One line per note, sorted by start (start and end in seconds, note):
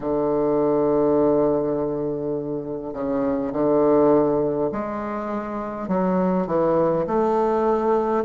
0.00 2.93 D3
2.93 3.52 C#3
3.52 4.70 D3
4.72 5.88 G#3
5.88 6.47 F#3
6.47 7.05 E3
7.06 8.24 A3